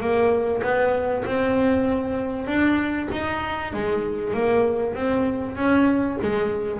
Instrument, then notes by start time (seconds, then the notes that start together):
double bass
0.00 A#3
0.62 B3
1.25 C4
2.46 D4
3.12 D#4
3.73 G#3
4.33 A#3
4.95 C4
5.56 C#4
6.22 G#3